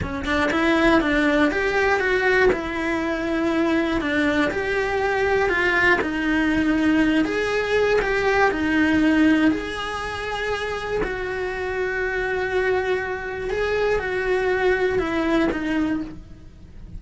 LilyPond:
\new Staff \with { instrumentName = "cello" } { \time 4/4 \tempo 4 = 120 cis'8 d'8 e'4 d'4 g'4 | fis'4 e'2. | d'4 g'2 f'4 | dis'2~ dis'8 gis'4. |
g'4 dis'2 gis'4~ | gis'2 fis'2~ | fis'2. gis'4 | fis'2 e'4 dis'4 | }